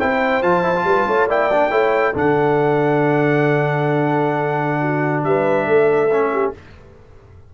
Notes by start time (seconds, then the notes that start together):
0.00 C4 E4 C5 G5
0.42 F3 F4 A5
0.64 E4
0.76 F4
0.85 G3 B4
1.08 A3 C#5
1.28 A#3 E4 D5 G5
1.53 D4
1.71 A3 E4 C#5
2.14 D3 D4 A4 F#5
4.82 F#4
5.24 G3 B4 E5
5.67 A3 A4
6.12 C#4
6.33 G4